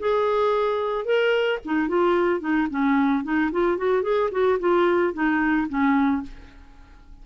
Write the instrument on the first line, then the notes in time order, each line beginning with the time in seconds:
clarinet
0.00 G#4
1.05 A#4
1.65 D#4
1.89 F4
2.41 D#4
2.71 C#4
3.24 D#4
3.52 F4
3.78 F#4
4.03 G#4
4.32 F#4
4.60 F4
5.14 D#4
5.69 C#4